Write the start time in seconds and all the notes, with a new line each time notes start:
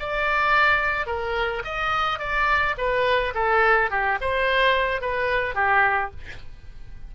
0.00 D5
1.07 A#4
1.65 D#5
2.19 D5
2.78 B4
3.35 A4
3.91 G4
4.21 C5
5.02 B4
5.55 G4